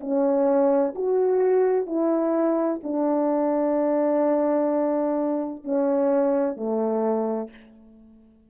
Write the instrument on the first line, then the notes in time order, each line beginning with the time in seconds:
horn
0.00 C#4
0.95 F#4
1.86 E4
2.83 D4
5.64 C#4
6.56 A3